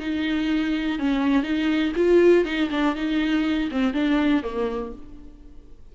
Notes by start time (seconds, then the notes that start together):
0.00 D#4
0.99 C#4
1.43 D#4
1.96 F4
2.45 D#4
2.71 D4
2.95 D#4
3.71 C4
3.94 D4
4.43 A#3